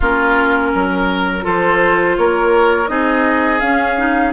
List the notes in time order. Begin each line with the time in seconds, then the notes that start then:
0.00 A#3 C#4 F4 A#4
0.74 F#3 A#4
1.41 F3 F4 A4 C5
2.17 A#3 A#4 C#5
2.87 C4 D#4 G#4 D#5
3.60 C#4 F5
3.97 D#4